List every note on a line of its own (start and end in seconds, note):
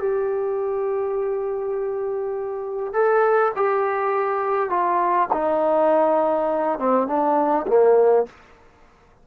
0.00 2.93 G4
2.93 3.52 A4
3.56 4.70 G4
4.70 5.29 F4
5.33 6.79 D#4
6.79 7.07 C4
7.07 7.66 D4
7.68 8.26 A#3